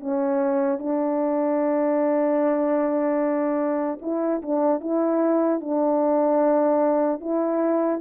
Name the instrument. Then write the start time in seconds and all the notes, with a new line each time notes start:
horn
0.00 C#4
0.79 D4
4.02 E4
4.42 D4
4.80 E4
5.60 D4
7.20 E4